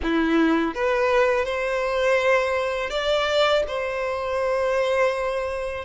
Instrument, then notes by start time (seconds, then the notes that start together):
violin
0.03 E4
0.74 B4
1.45 C5
2.90 D5
3.67 C5